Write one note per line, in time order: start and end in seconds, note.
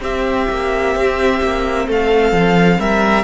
0.00 0.46 C4
0.00 3.23 C4
0.00 1.86 G4
0.00 1.87 E5
0.50 0.95 A#3
0.95 1.41 C4
1.42 1.87 A#3
1.86 2.32 A3
1.86 2.79 A4
1.86 2.80 F5
2.32 2.78 F3
2.79 3.23 G3
2.79 3.23 A#4
2.79 3.23 E5